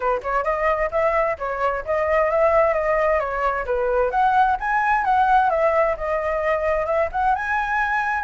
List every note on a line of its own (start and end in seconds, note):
0.00 0.21 B4
0.22 0.44 C#5
0.44 0.89 D#5
0.91 1.37 E5
1.38 1.84 C#5
1.85 2.30 D#5
2.30 2.73 E5
2.73 3.19 D#5
3.19 3.65 C#5
3.65 4.11 B4
4.11 4.56 F#5
4.59 5.04 G#5
5.04 5.50 F#5
5.50 5.95 E5
5.96 6.86 D#5
6.86 7.08 E5
7.12 7.35 F#5
7.35 8.24 G#5